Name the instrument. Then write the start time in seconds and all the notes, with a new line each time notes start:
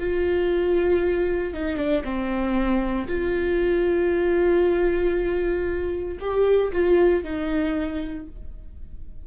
viola
0.00 F4
1.54 D#4
1.77 D4
2.04 C4
3.08 F4
6.20 G4
6.73 F4
7.24 D#4